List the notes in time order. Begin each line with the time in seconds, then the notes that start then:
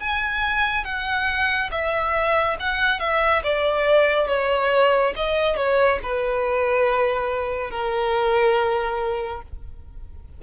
0.00 G#5
0.84 F#5
1.71 E5
2.59 F#5
3.00 E5
3.43 D5
4.28 C#5
5.16 D#5
5.56 C#5
6.03 B4
7.71 A#4